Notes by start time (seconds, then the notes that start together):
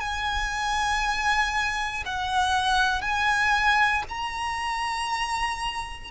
0.00 G#5
2.05 F#5
3.02 G#5
4.09 A#5